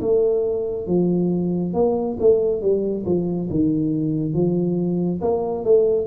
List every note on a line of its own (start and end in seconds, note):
0.00 0.86 A3
0.86 1.73 F3
1.74 2.17 A#3
2.19 2.61 A3
2.61 3.04 G3
3.05 3.49 F3
3.50 4.33 D#3
4.33 5.20 F3
5.21 5.64 A#3
5.64 6.06 A3